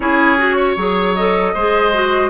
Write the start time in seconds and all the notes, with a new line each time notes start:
0.00 C#4 E4 G#4 C#5
0.37 F#4
0.56 C#5
0.76 F#3 G#4
1.14 A4 D#5
1.54 G#3 G#4 C5
1.93 F#4